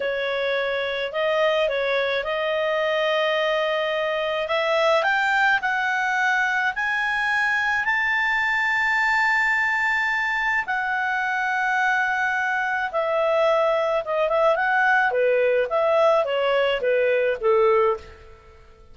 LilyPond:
\new Staff \with { instrumentName = "clarinet" } { \time 4/4 \tempo 4 = 107 cis''2 dis''4 cis''4 | dis''1 | e''4 g''4 fis''2 | gis''2 a''2~ |
a''2. fis''4~ | fis''2. e''4~ | e''4 dis''8 e''8 fis''4 b'4 | e''4 cis''4 b'4 a'4 | }